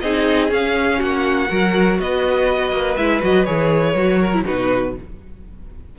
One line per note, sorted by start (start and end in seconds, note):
0.00 0.50 C4
0.00 0.49 D#4
0.00 0.98 G#4
0.00 0.49 D#5
0.49 1.47 C#4
0.49 1.00 C#4
0.49 1.02 F5
0.98 1.50 A#3
0.98 1.48 F#4
0.98 2.00 F#5
1.48 1.99 F#3
1.48 2.96 F#4
1.48 1.99 A#4
1.99 2.72 B3
1.99 4.19 B4
1.99 2.96 D#5
2.72 2.96 A#3
2.96 3.22 G#3
2.96 3.20 E4
2.96 3.20 E5
3.20 3.47 F#3
3.20 3.45 F#4
3.20 3.44 D#5
3.44 3.94 E3
3.44 3.94 G#4
3.44 4.43 C#5
3.94 4.43 F#3
3.94 4.33 F#4
4.19 4.44 A#4
4.33 4.44 E4
4.44 4.98 B2
4.44 4.94 D#4
4.44 4.94 F#4
4.44 4.95 B4